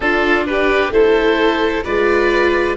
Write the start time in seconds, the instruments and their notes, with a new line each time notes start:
0.00 tuba D4, viola D4, violin F4, oboe A4
0.46 violin G4, oboe B4
0.89 tuba A3, viola E4, violin A4, oboe C5
1.83 tuba G#3, viola F4, violin B4, oboe D5